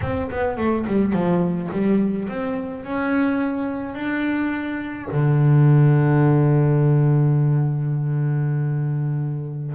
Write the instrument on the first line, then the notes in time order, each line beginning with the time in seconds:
double bass
0.01 C4
0.30 B3
0.57 A3
0.86 G3
1.12 F3
1.72 G3
2.28 C4
2.84 C#4
3.94 D4
5.11 D3